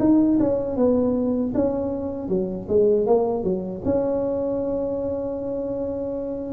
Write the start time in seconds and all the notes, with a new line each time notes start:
0.00 D#4
0.40 C#4
0.77 B3
1.55 C#4
2.29 F#3
2.69 G#3
3.07 A#3
3.44 F#3
3.85 C#4